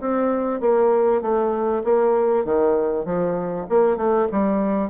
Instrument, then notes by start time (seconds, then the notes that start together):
bassoon
0.00 C4
0.60 A#3
1.22 A3
1.84 A#3
2.45 D#3
3.05 F3
3.69 A#3
3.97 A3
4.32 G3